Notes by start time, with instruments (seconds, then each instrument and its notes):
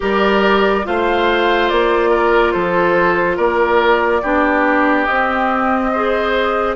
0.00 bassoon G3, clarinet G4, oboe A#4, flute D5
0.84 bassoon A3, clarinet F4, oboe C5, flute F5
1.68 bassoon A#3, flute D5
2.10 oboe A#4
2.52 bassoon F3, oboe A4, flute C5
3.36 bassoon A#3, oboe A#4, flute D5
4.21 bassoon B3, clarinet D4, oboe G4
5.05 bassoon C4, clarinet C4, flute D#5
5.92 clarinet G#4, oboe C5